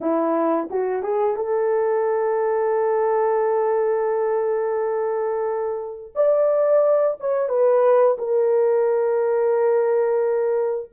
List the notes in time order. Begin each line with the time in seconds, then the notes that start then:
0.00 E4
0.70 F#4
1.03 G#4
1.36 A4
6.15 D5
7.19 C#5
7.48 B4
8.18 A#4